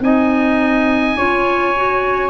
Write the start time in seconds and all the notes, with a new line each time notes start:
0.00 C4 D#4 D#5 G#5
1.17 C#4 F4 C#5
1.76 F#4